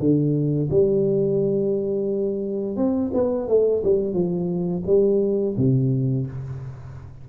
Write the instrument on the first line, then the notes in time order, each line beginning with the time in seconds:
tuba
0.00 D3
0.71 G3
2.77 C4
3.14 B3
3.48 A3
3.84 G3
4.14 F3
4.87 G3
5.58 C3